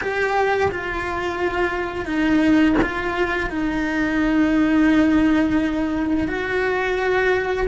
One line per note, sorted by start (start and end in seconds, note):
0.01 0.70 G4
0.71 2.05 F4
2.05 2.75 D#4
2.82 3.49 F4
3.49 6.27 D#4
6.27 7.66 F#4